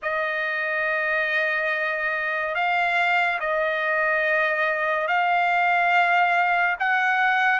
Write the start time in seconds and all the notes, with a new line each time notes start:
0.02 D#5
2.54 F5
3.40 D#5
5.07 F5
6.79 F#5